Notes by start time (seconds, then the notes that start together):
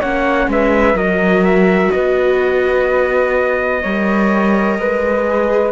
0.00 A#3 C#4 C#5 F#5
0.48 G#3 B4 E5
0.94 F#3 F#4 A#4 D#5
1.44 E5
1.92 B3 B4 D#5
3.83 G3 A#4 C#5
4.79 G#3 B4
5.26 G#4